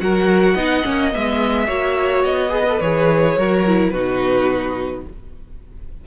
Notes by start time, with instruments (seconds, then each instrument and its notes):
0.00 cello F#3, viola F#4, violin A#4 F#5
0.55 cello B3, viola D#4, violin D#5
0.83 cello A#3, viola C#4
1.11 cello G#3, viola B3, violin E5
1.67 cello A#3, viola F#4, violin C#5
2.24 cello B3, violin D#5
2.49 viola G#4, violin B4
2.69 viola A4
2.81 cello E3, viola G#4, violin C#5
3.37 cello F#3, viola F#4, violin A#4
3.67 viola E4
3.90 cello B2, viola D#4, violin F#4 B4